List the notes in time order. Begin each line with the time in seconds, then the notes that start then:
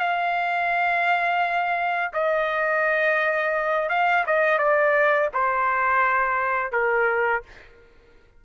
0.00 F5
2.14 D#5
3.90 F5
4.27 D#5
4.59 D5
5.34 C5
6.72 A#4